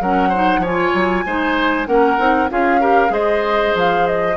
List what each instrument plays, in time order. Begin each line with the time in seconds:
0.00 bassoon F#3, clarinet C#4, oboe A#4, flute F#5
0.29 clarinet D#4, oboe C5
0.58 bassoon F3, clarinet F4, oboe C#5
0.64 flute G#5
0.94 bassoon F#3
1.25 bassoon G#3, clarinet D#4, oboe C5
1.86 bassoon A#3, clarinet C#4, oboe A#4, flute F#5
2.18 bassoon C4, clarinet D#4
2.49 bassoon C#4, clarinet F4, oboe G#4, flute F5
2.80 clarinet G4, oboe A#4
3.08 bassoon G#3, clarinet G#4, oboe C5, flute D#5
3.75 bassoon F3, flute F5
4.07 flute D#5